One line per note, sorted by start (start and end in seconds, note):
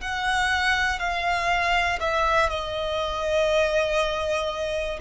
0.00 0.99 F#5
0.99 1.99 F5
2.00 2.49 E5
2.49 4.99 D#5